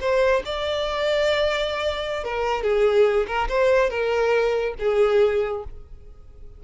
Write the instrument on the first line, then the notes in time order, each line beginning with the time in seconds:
violin
0.00 C5
0.45 D5
2.24 A#4
2.63 G#4
3.27 A#4
3.48 C5
3.90 A#4
4.79 G#4